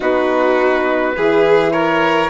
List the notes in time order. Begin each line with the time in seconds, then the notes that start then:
0.00 B3 D#4 F#4 B4
1.15 E3 E4 G#4
1.71 A#4 C#5